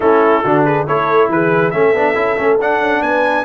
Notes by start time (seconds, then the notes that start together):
0.00 A3 C#4 E4 A4
0.43 D3 D4 F#4
0.64 G#4 B4
0.87 A3 E4 A4 C#5
1.28 E3 G#4 B4
1.70 A3 C#4 A4 E5
1.93 B3 D4
2.14 C#4 E4
2.37 A3 C#4
2.58 D4 F#5
2.79 C#4
3.02 B3 B4 G#5